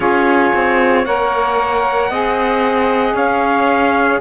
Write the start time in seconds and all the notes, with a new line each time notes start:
0.00 C#4 F4 G#4 C#5
0.54 C4
1.04 A#3 A#4 C#5 F#5
2.09 C4 G#4 D#5
3.13 C#4 C#5 F5